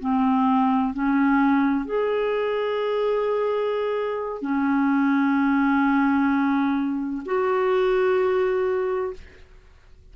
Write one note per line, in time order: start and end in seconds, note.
0.00 0.94 C4
0.94 1.86 C#4
1.86 4.42 G#4
4.42 7.23 C#4
7.26 9.14 F#4